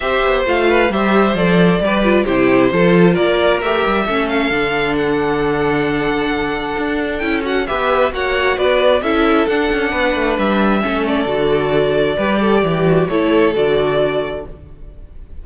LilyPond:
<<
  \new Staff \with { instrumentName = "violin" } { \time 4/4 \tempo 4 = 133 e''4 f''4 e''4 d''4~ | d''4 c''2 d''4 | e''4. f''4. fis''4~ | fis''1 |
g''8 fis''8 e''4 fis''4 d''4 | e''4 fis''2 e''4~ | e''8 d''2.~ d''8~ | d''4 cis''4 d''2 | }
  \new Staff \with { instrumentName = "violin" } { \time 4/4 c''4. b'8 c''2 | b'4 g'4 a'4 ais'4~ | ais'4 a'2.~ | a'1~ |
a'4 b'4 cis''4 b'4 | a'2 b'2 | a'2. b'8 a'8 | g'4 a'2. | }
  \new Staff \with { instrumentName = "viola" } { \time 4/4 g'4 f'4 g'4 a'4 | g'8 f'8 e'4 f'2 | g'4 cis'4 d'2~ | d'1 |
e'8 fis'8 g'4 fis'2 | e'4 d'2. | cis'4 fis'2 g'4~ | g'8 fis'8 e'4 fis'2 | }
  \new Staff \with { instrumentName = "cello" } { \time 4/4 c'8 b8 a4 g4 f4 | g4 c4 f4 ais4 | a8 g8 a4 d2~ | d2. d'4 |
cis'4 b4 ais4 b4 | cis'4 d'8 cis'8 b8 a8 g4 | a4 d2 g4 | e4 a4 d2 | }
>>